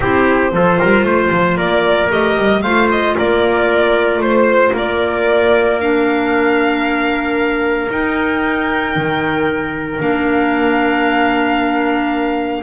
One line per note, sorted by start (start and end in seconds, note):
0.00 0.52 C4
0.00 0.51 E4
0.00 0.53 G4
0.00 1.57 C5
0.51 0.79 F3
0.51 2.09 F4
0.51 0.78 A4
0.78 1.03 G3
0.78 1.05 A#4
1.03 1.30 A3
1.03 1.57 C5
1.31 1.57 F3
1.57 2.09 A#3
1.57 2.62 A#4
1.57 2.09 D5
2.09 2.36 A3
2.09 2.61 G4
2.09 2.61 D#5
2.37 2.63 G3
2.61 3.16 A3
2.61 5.80 F4
2.61 3.16 C5
2.61 2.88 F5
2.91 3.17 D#5
3.16 4.18 A#3
3.16 4.21 A#4
3.16 4.22 D5
4.18 4.70 A3
4.18 4.73 C5
4.18 4.75 C5
4.72 7.88 A#3
4.72 12.62 A#4
4.72 5.80 D5
5.80 7.89 D4
5.80 7.90 F5
7.89 9.99 D#4
7.89 8.96 D#4
7.89 10.01 G5
8.96 10.00 D#3
9.99 12.62 A#3
9.99 12.62 D4
9.99 12.62 F5